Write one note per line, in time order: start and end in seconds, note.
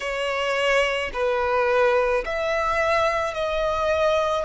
0.00 1.11 C#5
1.13 2.24 B4
2.25 3.33 E5
3.33 4.44 D#5